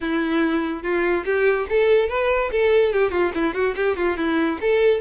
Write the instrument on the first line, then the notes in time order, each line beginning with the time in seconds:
violin
0.00 E4
0.82 F4
1.25 G4
1.69 A4
2.09 B4
2.51 A4
2.92 G4
3.11 F4
3.34 E4
3.54 F#4
3.76 G4
3.96 F4
4.17 E4
4.60 A4